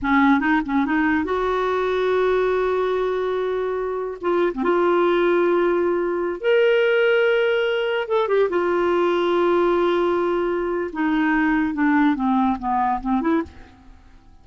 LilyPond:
\new Staff \with { instrumentName = "clarinet" } { \time 4/4 \tempo 4 = 143 cis'4 dis'8 cis'8 dis'4 fis'4~ | fis'1~ | fis'2 f'8. c'16 f'4~ | f'2.~ f'16 ais'8.~ |
ais'2.~ ais'16 a'8 g'16~ | g'16 f'2.~ f'8.~ | f'2 dis'2 | d'4 c'4 b4 c'8 e'8 | }